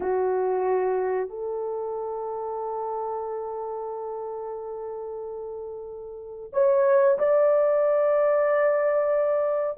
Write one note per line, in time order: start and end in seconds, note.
0.00 1.29 F#4
1.29 6.50 A4
6.52 7.18 C#5
7.18 9.77 D5